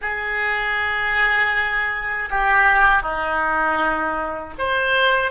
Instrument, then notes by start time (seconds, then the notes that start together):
oboe
0.01 G#4
2.30 G4
3.02 D#4
4.58 C5